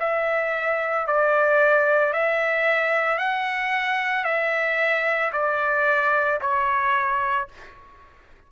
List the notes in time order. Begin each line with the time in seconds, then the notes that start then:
0.00 E5
1.07 D5
2.13 E5
3.18 F#5
4.24 E5
5.33 D5
6.41 C#5